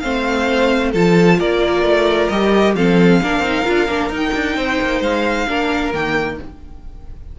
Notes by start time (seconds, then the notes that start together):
0.00 A3 C4 C5 F5
0.92 F3 F4 A4 A5
1.39 A#3 A#4 D5
1.83 A3
2.29 G3 G4 D#5
2.75 F3 C4 A4 F5
3.23 A#3 D4 A#4
3.40 C4 D#4
3.66 D4 F4
3.89 A#3 D4
4.10 D#4
4.17 G5
4.35 D4
4.57 C4 C5
4.82 A#3
5.01 G#3 F5
5.48 A#3 D4 A#4
5.94 D#3 A#3 G5